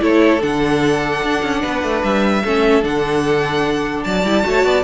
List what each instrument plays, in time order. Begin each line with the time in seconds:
0.00 cello A3, viola E4, violin A4 C#5
0.41 cello D3, viola D4, violin F#5
1.24 cello D4
1.43 cello C#4
1.62 cello B3, violin B4
1.83 cello A3
2.04 cello G3, violin E5
2.45 cello A3, viola C#4, violin A4
2.82 cello D3, viola D4, violin F#5
4.04 cello F#3, violin D5 A5
4.24 cello G3, viola E4
4.43 cello A3, viola F#4, violin C#5
4.65 cello B3, violin D5